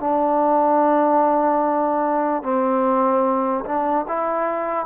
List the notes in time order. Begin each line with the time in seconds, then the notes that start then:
0.00 D4
2.43 C4
3.65 D4
4.08 E4